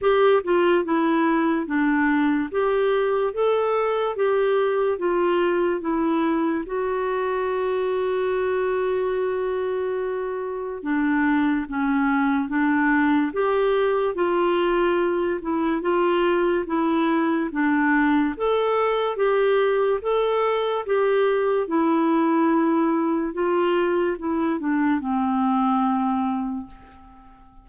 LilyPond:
\new Staff \with { instrumentName = "clarinet" } { \time 4/4 \tempo 4 = 72 g'8 f'8 e'4 d'4 g'4 | a'4 g'4 f'4 e'4 | fis'1~ | fis'4 d'4 cis'4 d'4 |
g'4 f'4. e'8 f'4 | e'4 d'4 a'4 g'4 | a'4 g'4 e'2 | f'4 e'8 d'8 c'2 | }